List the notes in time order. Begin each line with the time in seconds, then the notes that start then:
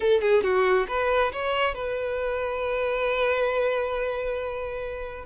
0.00 A4
0.21 G#4
0.43 F#4
0.88 B4
1.32 C#5
1.74 B4